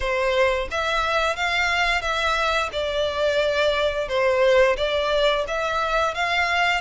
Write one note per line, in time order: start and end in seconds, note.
0.00 0.68 C5
0.71 1.36 E5
1.36 2.01 F5
2.01 2.69 E5
2.72 4.08 D5
4.08 4.76 C5
4.76 5.45 D5
5.47 6.14 E5
6.14 6.81 F5